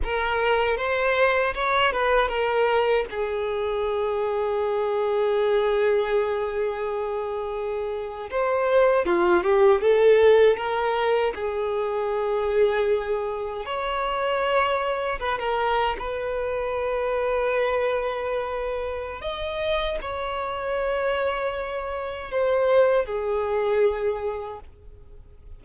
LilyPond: \new Staff \with { instrumentName = "violin" } { \time 4/4 \tempo 4 = 78 ais'4 c''4 cis''8 b'8 ais'4 | gis'1~ | gis'2~ gis'8. c''4 f'16~ | f'16 g'8 a'4 ais'4 gis'4~ gis'16~ |
gis'4.~ gis'16 cis''2 b'16 | ais'8. b'2.~ b'16~ | b'4 dis''4 cis''2~ | cis''4 c''4 gis'2 | }